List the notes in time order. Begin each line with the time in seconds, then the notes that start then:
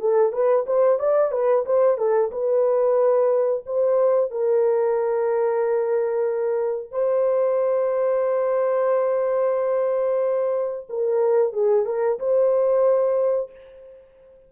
0.00 A4
0.32 B4
0.67 C5
0.99 D5
1.32 B4
1.65 C5
1.98 A4
2.31 B4
3.66 C5
4.31 A#4
6.91 C5
10.89 A#4
11.53 G#4
11.86 A#4
12.19 C5